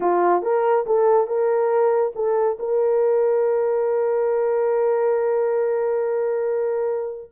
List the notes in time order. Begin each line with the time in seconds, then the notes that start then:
0.00 F4
0.42 A#4
0.86 A4
1.27 A#4
2.15 A4
2.59 A#4